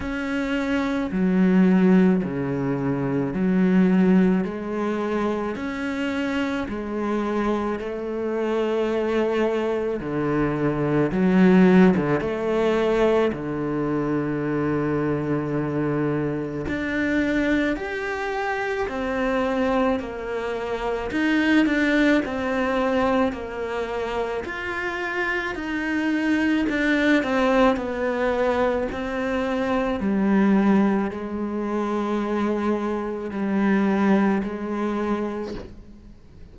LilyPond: \new Staff \with { instrumentName = "cello" } { \time 4/4 \tempo 4 = 54 cis'4 fis4 cis4 fis4 | gis4 cis'4 gis4 a4~ | a4 d4 fis8. d16 a4 | d2. d'4 |
g'4 c'4 ais4 dis'8 d'8 | c'4 ais4 f'4 dis'4 | d'8 c'8 b4 c'4 g4 | gis2 g4 gis4 | }